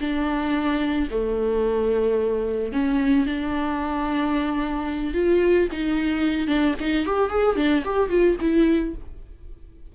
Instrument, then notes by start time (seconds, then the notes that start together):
viola
0.00 D4
1.10 A3
2.72 C#4
3.26 D4
5.14 F4
5.71 D#4
6.47 D4
6.80 D#4
7.05 G4
7.29 G#4
7.56 D4
7.84 G4
8.09 F4
8.40 E4